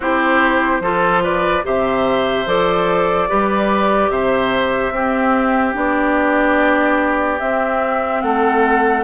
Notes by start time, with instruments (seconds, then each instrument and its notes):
0.00 bassoon C4, clarinet E4, oboe G4, flute C5
0.80 bassoon F3, clarinet F4, oboe A4
1.23 oboe B4, flute D5
1.63 bassoon C3, clarinet G4, oboe C5, flute E5
2.46 bassoon F3, clarinet A4, flute D5
3.29 bassoon G3, clarinet G4, oboe B4
4.09 bassoon C3, oboe C5, flute E5
4.90 bassoon C4, clarinet C4, oboe G4
5.73 bassoon B3, clarinet D4, flute D5
7.39 bassoon C4, clarinet C4, flute E5
8.22 bassoon A3, oboe A4, flute F#5